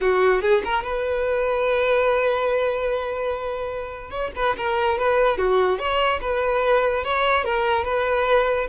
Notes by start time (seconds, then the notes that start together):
0.00 F#4
0.41 G#4
0.64 A#4
0.83 B4
4.10 C#5
4.35 B4
4.57 A#4
4.98 B4
5.37 F#4
5.78 C#5
6.21 B4
7.04 C#5
7.44 A#4
7.84 B4